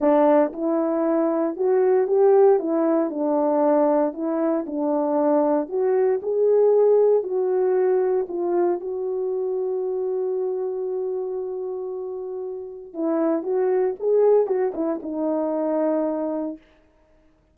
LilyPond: \new Staff \with { instrumentName = "horn" } { \time 4/4 \tempo 4 = 116 d'4 e'2 fis'4 | g'4 e'4 d'2 | e'4 d'2 fis'4 | gis'2 fis'2 |
f'4 fis'2.~ | fis'1~ | fis'4 e'4 fis'4 gis'4 | fis'8 e'8 dis'2. | }